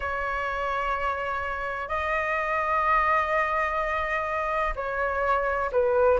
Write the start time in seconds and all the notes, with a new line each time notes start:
0.00 C#5
1.88 D#5
4.75 C#5
5.71 B4